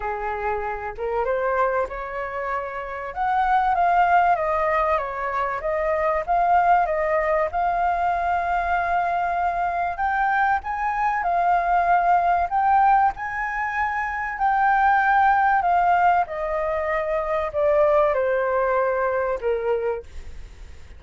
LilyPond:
\new Staff \with { instrumentName = "flute" } { \time 4/4 \tempo 4 = 96 gis'4. ais'8 c''4 cis''4~ | cis''4 fis''4 f''4 dis''4 | cis''4 dis''4 f''4 dis''4 | f''1 |
g''4 gis''4 f''2 | g''4 gis''2 g''4~ | g''4 f''4 dis''2 | d''4 c''2 ais'4 | }